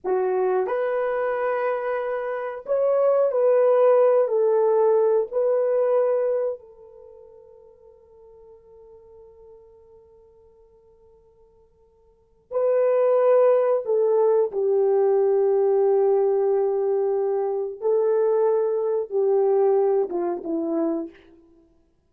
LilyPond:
\new Staff \with { instrumentName = "horn" } { \time 4/4 \tempo 4 = 91 fis'4 b'2. | cis''4 b'4. a'4. | b'2 a'2~ | a'1~ |
a'2. b'4~ | b'4 a'4 g'2~ | g'2. a'4~ | a'4 g'4. f'8 e'4 | }